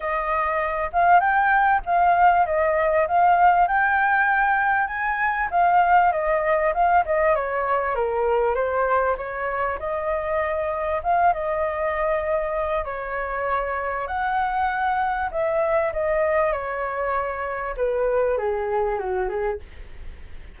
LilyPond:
\new Staff \with { instrumentName = "flute" } { \time 4/4 \tempo 4 = 98 dis''4. f''8 g''4 f''4 | dis''4 f''4 g''2 | gis''4 f''4 dis''4 f''8 dis''8 | cis''4 ais'4 c''4 cis''4 |
dis''2 f''8 dis''4.~ | dis''4 cis''2 fis''4~ | fis''4 e''4 dis''4 cis''4~ | cis''4 b'4 gis'4 fis'8 gis'8 | }